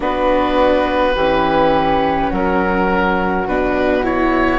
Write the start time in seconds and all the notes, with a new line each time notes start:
0.00 B3 D4 F#4 B4
1.15 E3 C#4 G4
2.29 F#3 F#4 A#4
3.46 B2 D4 B4
4.03 E4 C#5